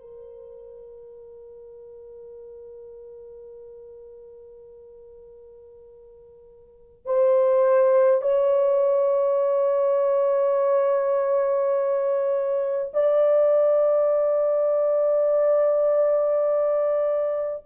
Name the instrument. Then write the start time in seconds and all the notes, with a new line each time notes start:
horn
0.00 A#4
7.05 C5
8.21 C#5
12.93 D5